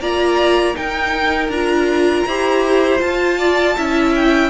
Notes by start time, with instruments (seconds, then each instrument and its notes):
0.00 cello A#3, viola F4, violin D5 A#5
0.74 viola D#4, cello D#4, violin A#4 G5
1.48 cello D4, viola F4, violin A#5
2.26 cello E4, viola G4, violin C5
2.98 viola F4, cello F4, violin A5
3.38 violin D5
3.77 cello C#4, viola E4, violin E5
4.15 violin G5